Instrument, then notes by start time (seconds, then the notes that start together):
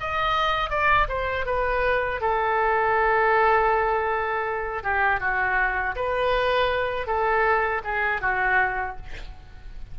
oboe
0.00 D#5
0.70 D5
1.08 C5
1.46 B4
2.21 A4
4.83 G4
5.20 F#4
5.96 B4
7.07 A4
7.84 G#4
8.21 F#4